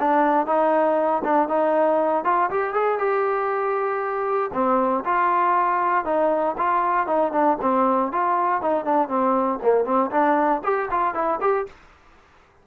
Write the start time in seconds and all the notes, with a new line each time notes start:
0.00 D4
0.46 D#4
1.24 D4
1.49 D#4
2.25 F4
2.51 G4
2.74 G#4
2.99 G4
4.53 C4
5.05 F4
6.05 D#4
6.58 F4
7.07 D#4
7.32 D4
7.61 C4
8.12 F4
8.62 D#4
8.85 D4
9.09 C4
9.63 A#3
9.85 C4
10.11 D4
10.64 G4
10.91 F4
11.15 E4
11.41 G4